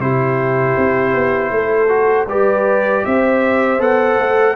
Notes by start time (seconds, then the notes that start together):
0.00 C3 E4 G4 C5
0.78 C4
1.15 B3
1.52 A3 A4
1.89 F#4
2.28 G3 G4 B4 D5
3.05 C4 C5 E5
3.79 B3 A4 F#5
4.19 A3